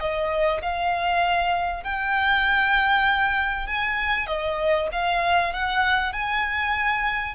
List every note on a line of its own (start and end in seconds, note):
0.00 0.61 D#5
0.62 1.84 F5
1.84 3.67 G5
3.67 4.27 G#5
4.27 4.88 D#5
4.92 5.53 F5
5.54 6.13 F#5
6.13 7.35 G#5